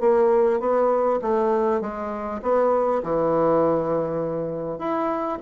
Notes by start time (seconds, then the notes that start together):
0.00 A#3
0.60 B3
1.22 A3
1.81 G#3
2.42 B3
3.03 E3
4.78 E4